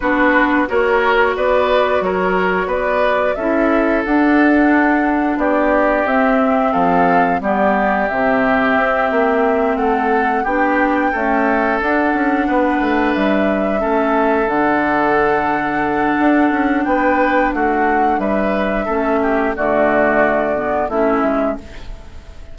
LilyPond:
<<
  \new Staff \with { instrumentName = "flute" } { \time 4/4 \tempo 4 = 89 b'4 cis''4 d''4 cis''4 | d''4 e''4 fis''2 | d''4 e''4 f''4 d''4 | e''2~ e''8 fis''4 g''8~ |
g''4. fis''2 e''8~ | e''4. fis''2~ fis''8~ | fis''4 g''4 fis''4 e''4~ | e''4 d''2 e''4 | }
  \new Staff \with { instrumentName = "oboe" } { \time 4/4 fis'4 ais'4 b'4 ais'4 | b'4 a'2. | g'2 a'4 g'4~ | g'2~ g'8 a'4 g'8~ |
g'8 a'2 b'4.~ | b'8 a'2.~ a'8~ | a'4 b'4 fis'4 b'4 | a'8 g'8 fis'2 e'4 | }
  \new Staff \with { instrumentName = "clarinet" } { \time 4/4 d'4 fis'2.~ | fis'4 e'4 d'2~ | d'4 c'2 b4 | c'2.~ c'8 d'8~ |
d'8 a4 d'2~ d'8~ | d'8 cis'4 d'2~ d'8~ | d'1 | cis'4 a4. b8 cis'4 | }
  \new Staff \with { instrumentName = "bassoon" } { \time 4/4 b4 ais4 b4 fis4 | b4 cis'4 d'2 | b4 c'4 f4 g4 | c4 c'8 ais4 a4 b8~ |
b8 cis'4 d'8 cis'8 b8 a8 g8~ | g8 a4 d2~ d8 | d'8 cis'8 b4 a4 g4 | a4 d2 a8 gis8 | }
>>